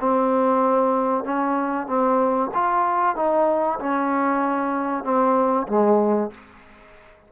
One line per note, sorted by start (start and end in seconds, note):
0.00 1.24 C4
1.24 1.87 C#4
1.87 2.50 C4
2.54 3.16 F4
3.16 3.79 D#4
3.79 5.04 C#4
5.04 5.67 C4
5.67 6.30 G#3